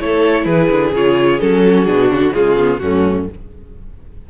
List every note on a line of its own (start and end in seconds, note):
0.00 0.46 A3
0.00 0.94 E4
0.00 0.46 A4
0.00 0.46 C#5
0.46 0.70 E3
0.46 1.63 G#4
0.46 0.93 B4
0.71 0.93 D3
0.93 1.40 C#3
0.93 1.40 F4
0.93 1.40 C#5
1.40 1.88 F#3
1.40 1.86 C#4
1.40 1.86 A4
1.68 2.34 F#4
1.86 2.11 B2
1.86 2.33 D4
1.86 2.10 G#4
2.11 2.21 C#3
2.11 2.35 F#4
2.21 2.33 D3
2.34 2.82 C#3
2.34 2.57 G#3
2.34 2.81 F4
2.34 2.80 G#4
2.57 2.81 B3
2.80 3.29 F#2
2.80 3.30 A3
2.80 3.30 C#4
2.80 3.27 F#4